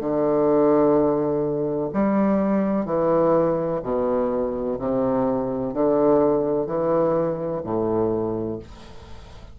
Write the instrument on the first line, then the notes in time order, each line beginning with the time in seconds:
bassoon
0.00 D3
1.94 G3
2.85 E3
3.83 B2
4.79 C3
5.74 D3
6.66 E3
7.64 A2